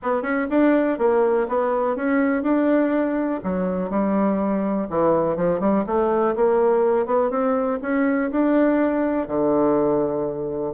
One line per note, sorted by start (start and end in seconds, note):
0.02 0.22 B3
0.22 0.46 C#4
0.50 0.98 D4
0.98 1.47 A#3
1.48 1.96 B3
1.96 2.42 C#4
2.42 3.40 D4
3.43 3.90 F#3
3.90 4.87 G3
4.89 5.36 E3
5.36 5.59 F3
5.59 5.84 G3
5.86 6.35 A3
6.35 7.06 A#3
7.06 7.30 B3
7.30 7.79 C4
7.82 8.30 C#4
8.31 9.27 D4
9.27 10.73 D3